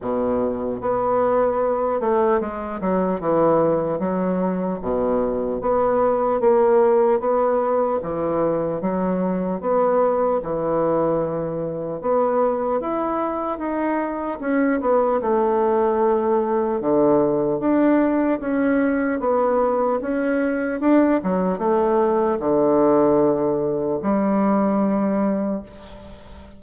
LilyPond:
\new Staff \with { instrumentName = "bassoon" } { \time 4/4 \tempo 4 = 75 b,4 b4. a8 gis8 fis8 | e4 fis4 b,4 b4 | ais4 b4 e4 fis4 | b4 e2 b4 |
e'4 dis'4 cis'8 b8 a4~ | a4 d4 d'4 cis'4 | b4 cis'4 d'8 fis8 a4 | d2 g2 | }